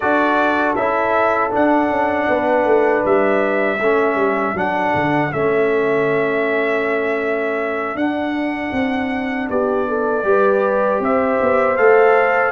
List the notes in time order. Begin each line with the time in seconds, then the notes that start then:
0.00 D4 F#4 A4 D5
0.75 C#4 E4 E5
1.50 D4 F#5
1.89 C#4
2.28 B3 B4
2.64 A3
3.05 G3 E5
3.79 A3 C#4 A4
4.15 G3
4.54 F#3 D4 F#5
4.94 D3
5.31 A3 C#4 E5
7.94 D4 F#5
8.72 C4
9.49 B3 G4 D5
9.88 A4
10.23 G3 G4 B4
10.99 C4 C5 E5
11.41 B3
11.76 A3 A4 F5